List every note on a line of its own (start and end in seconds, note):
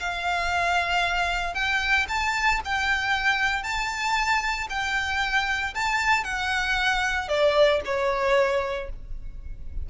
0.00 1.55 F5
1.55 2.07 G5
2.08 2.61 A5
2.65 3.63 G5
3.63 4.68 A5
4.70 5.74 G5
5.75 6.24 A5
6.24 7.29 F#5
7.29 7.81 D5
7.86 8.90 C#5